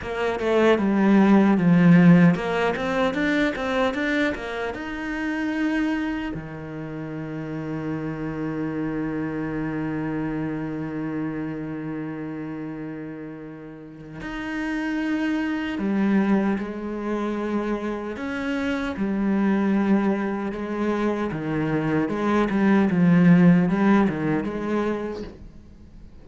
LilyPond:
\new Staff \with { instrumentName = "cello" } { \time 4/4 \tempo 4 = 76 ais8 a8 g4 f4 ais8 c'8 | d'8 c'8 d'8 ais8 dis'2 | dis1~ | dis1~ |
dis2 dis'2 | g4 gis2 cis'4 | g2 gis4 dis4 | gis8 g8 f4 g8 dis8 gis4 | }